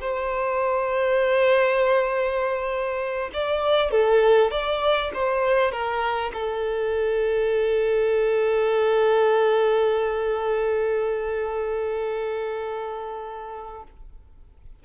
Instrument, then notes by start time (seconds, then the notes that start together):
violin
0.00 C5
3.33 D5
3.91 A4
4.51 D5
5.14 C5
5.71 A#4
6.33 A4